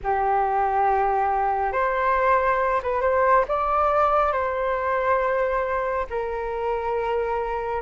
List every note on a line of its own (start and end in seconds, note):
0.03 1.72 G4
1.72 2.81 C5
2.82 3.01 B4
3.01 3.44 C5
3.48 4.32 D5
4.32 6.06 C5
6.10 7.81 A#4